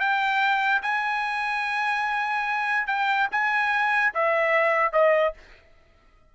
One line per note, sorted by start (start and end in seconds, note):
0.00 0.82 G5
0.83 2.87 G#5
2.87 3.28 G5
3.32 4.14 G#5
4.15 4.93 E5
4.93 5.34 D#5